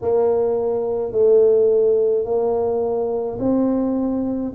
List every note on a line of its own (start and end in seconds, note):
0.01 1.12 A#3
1.12 2.24 A3
2.24 3.38 A#3
3.39 4.52 C4